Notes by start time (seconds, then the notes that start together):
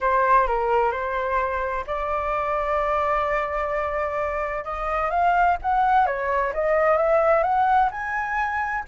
0.00 C5
0.47 A#4
0.91 C5
1.86 D5
4.64 D#5
5.10 F5
5.62 F#5
6.06 C#5
6.53 D#5
6.97 E5
7.43 F#5
7.91 G#5